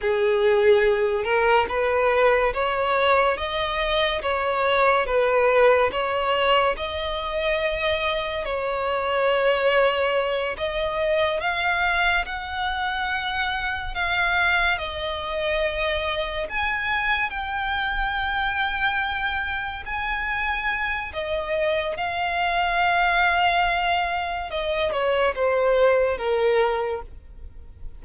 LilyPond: \new Staff \with { instrumentName = "violin" } { \time 4/4 \tempo 4 = 71 gis'4. ais'8 b'4 cis''4 | dis''4 cis''4 b'4 cis''4 | dis''2 cis''2~ | cis''8 dis''4 f''4 fis''4.~ |
fis''8 f''4 dis''2 gis''8~ | gis''8 g''2. gis''8~ | gis''4 dis''4 f''2~ | f''4 dis''8 cis''8 c''4 ais'4 | }